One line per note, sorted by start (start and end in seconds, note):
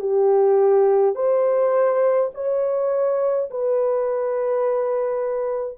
0.00 1.15 G4
1.15 2.31 C5
2.34 3.50 C#5
3.50 5.78 B4